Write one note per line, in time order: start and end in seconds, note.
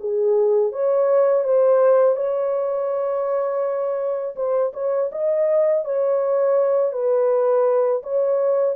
0.00 0.73 G#4
0.73 1.45 C#5
1.45 2.16 C5
2.16 4.36 C#5
4.36 4.73 C5
4.74 5.11 C#5
5.12 5.85 D#5
5.85 6.93 C#5
6.93 8.03 B4
8.03 8.76 C#5